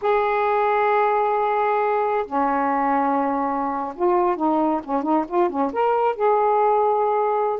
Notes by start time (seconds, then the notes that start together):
0.01 G#4
2.26 C#4
3.95 F4
4.36 D#4
4.84 C#4
5.02 D#4
5.28 F4
5.49 C#4
5.72 A#4
6.15 G#4